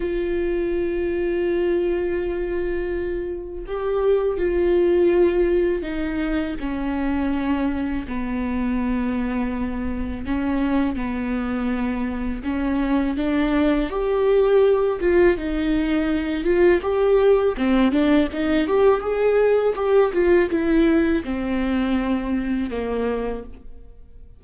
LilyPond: \new Staff \with { instrumentName = "viola" } { \time 4/4 \tempo 4 = 82 f'1~ | f'4 g'4 f'2 | dis'4 cis'2 b4~ | b2 cis'4 b4~ |
b4 cis'4 d'4 g'4~ | g'8 f'8 dis'4. f'8 g'4 | c'8 d'8 dis'8 g'8 gis'4 g'8 f'8 | e'4 c'2 ais4 | }